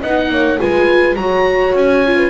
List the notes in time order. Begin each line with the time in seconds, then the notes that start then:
0.00 B3 D#4 D#5 F#5
0.30 A#3 C#5
0.58 G#3 F4 B4 G#5
1.16 F#3 F#4 C#5 A#5
1.74 C#4 G#5
2.06 F4
2.17 B4